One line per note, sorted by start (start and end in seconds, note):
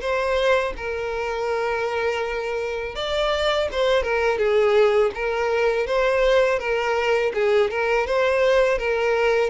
0.00 0.73 C5
0.76 2.95 A#4
2.95 3.69 D5
3.72 4.03 C5
4.03 4.38 A#4
4.38 5.11 G#4
5.15 5.86 A#4
5.86 6.59 C5
6.59 7.32 A#4
7.34 7.70 G#4
7.70 8.06 A#4
8.06 8.78 C5
8.78 9.50 A#4